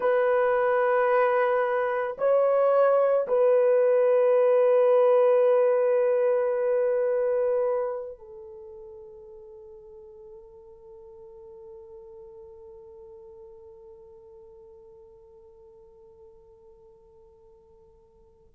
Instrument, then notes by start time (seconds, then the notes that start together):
horn
0.00 B4
2.18 C#5
3.27 B4
8.18 A4